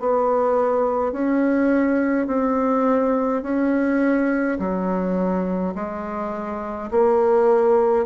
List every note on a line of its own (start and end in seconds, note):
0.00 1.12 B3
1.12 2.27 C#4
2.27 3.42 C4
3.43 4.58 C#4
4.59 5.74 F#3
5.75 6.91 G#3
6.91 8.06 A#3